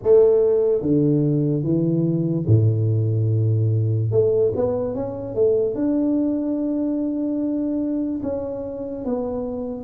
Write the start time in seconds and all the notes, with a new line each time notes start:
0.02 A3
0.81 D3
1.63 E3
2.46 A2
4.11 A3
4.55 B3
4.95 C#4
5.34 A3
5.75 D4
8.22 C#4
9.04 B3